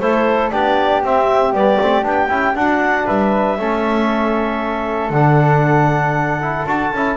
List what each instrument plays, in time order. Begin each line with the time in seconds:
0.00 double bass A3, trombone E4, flute A4, clarinet C5
0.51 double bass B3, trombone D4, flute G4, clarinet D5
1.04 double bass C4, trombone C4, clarinet E5
1.53 double bass G3, trombone B3, clarinet D5
1.81 double bass A3, trombone C4
2.03 double bass B3, trombone D4, clarinet G5
2.29 double bass C#4, trombone E4
2.55 double bass D4, trombone D4, flute F#4, clarinet F#5
3.07 double bass G3, flute B4, clarinet E5
3.58 double bass A3, trombone C#4, flute A4
5.10 double bass D3, trombone D4, clarinet F#5
6.42 trombone E4
6.67 double bass D4, trombone F#4, clarinet A5
6.93 double bass C#4, trombone E4